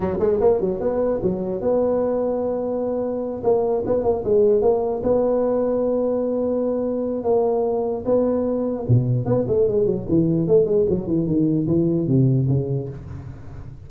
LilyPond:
\new Staff \with { instrumentName = "tuba" } { \time 4/4 \tempo 4 = 149 fis8 gis8 ais8 fis8 b4 fis4 | b1~ | b8 ais4 b8 ais8 gis4 ais8~ | ais8 b2.~ b8~ |
b2 ais2 | b2 b,4 b8 a8 | gis8 fis8 e4 a8 gis8 fis8 e8 | dis4 e4 c4 cis4 | }